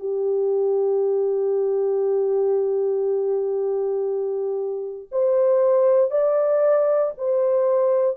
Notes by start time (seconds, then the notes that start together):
0.00 G4
5.12 C5
6.11 D5
7.18 C5